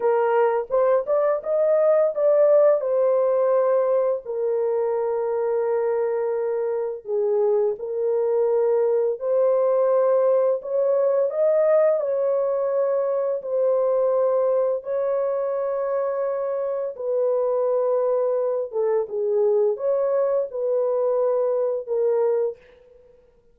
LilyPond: \new Staff \with { instrumentName = "horn" } { \time 4/4 \tempo 4 = 85 ais'4 c''8 d''8 dis''4 d''4 | c''2 ais'2~ | ais'2 gis'4 ais'4~ | ais'4 c''2 cis''4 |
dis''4 cis''2 c''4~ | c''4 cis''2. | b'2~ b'8 a'8 gis'4 | cis''4 b'2 ais'4 | }